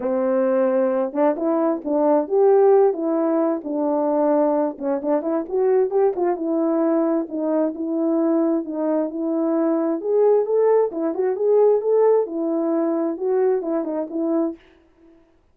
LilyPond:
\new Staff \with { instrumentName = "horn" } { \time 4/4 \tempo 4 = 132 c'2~ c'8 d'8 e'4 | d'4 g'4. e'4. | d'2~ d'8 cis'8 d'8 e'8 | fis'4 g'8 f'8 e'2 |
dis'4 e'2 dis'4 | e'2 gis'4 a'4 | e'8 fis'8 gis'4 a'4 e'4~ | e'4 fis'4 e'8 dis'8 e'4 | }